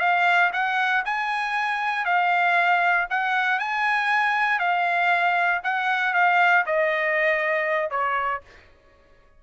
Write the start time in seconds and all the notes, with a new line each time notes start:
0.00 F5
0.53 F#5
1.05 G#5
2.06 F5
3.10 F#5
3.60 G#5
4.59 F5
5.64 F#5
6.14 F5
6.66 D#5
7.91 C#5